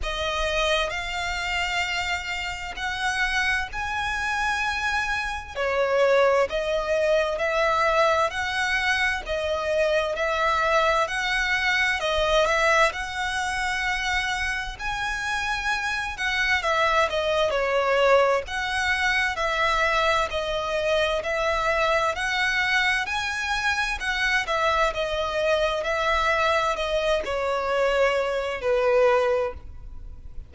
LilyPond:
\new Staff \with { instrumentName = "violin" } { \time 4/4 \tempo 4 = 65 dis''4 f''2 fis''4 | gis''2 cis''4 dis''4 | e''4 fis''4 dis''4 e''4 | fis''4 dis''8 e''8 fis''2 |
gis''4. fis''8 e''8 dis''8 cis''4 | fis''4 e''4 dis''4 e''4 | fis''4 gis''4 fis''8 e''8 dis''4 | e''4 dis''8 cis''4. b'4 | }